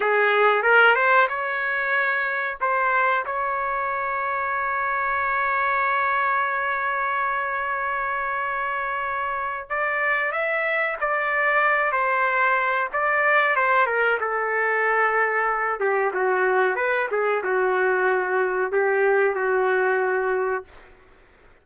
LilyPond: \new Staff \with { instrumentName = "trumpet" } { \time 4/4 \tempo 4 = 93 gis'4 ais'8 c''8 cis''2 | c''4 cis''2.~ | cis''1~ | cis''2. d''4 |
e''4 d''4. c''4. | d''4 c''8 ais'8 a'2~ | a'8 g'8 fis'4 b'8 gis'8 fis'4~ | fis'4 g'4 fis'2 | }